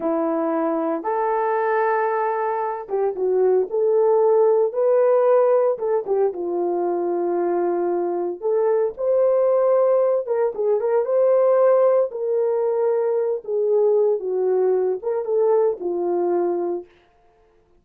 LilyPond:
\new Staff \with { instrumentName = "horn" } { \time 4/4 \tempo 4 = 114 e'2 a'2~ | a'4. g'8 fis'4 a'4~ | a'4 b'2 a'8 g'8 | f'1 |
a'4 c''2~ c''8 ais'8 | gis'8 ais'8 c''2 ais'4~ | ais'4. gis'4. fis'4~ | fis'8 ais'8 a'4 f'2 | }